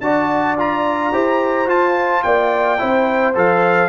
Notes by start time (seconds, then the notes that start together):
0.00 D4 F#4 D5 A5
0.58 F4 A#5
1.12 E4 G4 C5
1.67 F4 A5
2.22 A#3 D5 G5
2.78 C4 E4 C5
3.34 F3 A4 F5